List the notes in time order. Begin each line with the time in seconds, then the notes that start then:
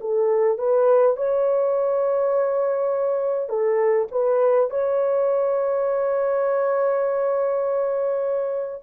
0.00 A4
0.58 B4
1.17 C#5
3.49 A4
4.11 B4
4.70 C#5